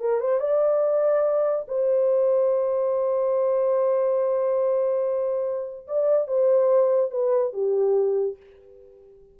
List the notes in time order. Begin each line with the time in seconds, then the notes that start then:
0.00 A#4
0.20 C5
0.39 D5
1.67 C5
5.87 D5
6.27 C5
7.11 B4
7.52 G4